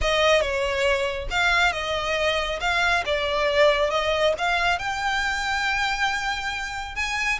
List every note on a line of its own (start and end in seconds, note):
0.01 0.41 D#5
0.41 1.28 C#5
1.30 1.72 F5
1.72 2.59 D#5
2.60 3.03 F5
3.05 3.90 D5
3.90 4.33 D#5
4.37 4.78 F5
4.78 6.95 G5
6.95 7.39 G#5